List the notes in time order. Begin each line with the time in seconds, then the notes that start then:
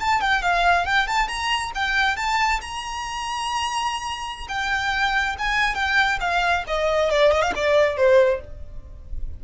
0.00 A5
0.21 G5
0.42 F5
0.85 G5
1.07 A5
1.28 A#5
1.74 G5
2.16 A5
2.61 A#5
4.48 G5
5.38 G#5
5.75 G5
6.20 F5
6.67 D#5
7.10 D5
7.32 D#5
7.42 F5
7.55 D5
7.97 C5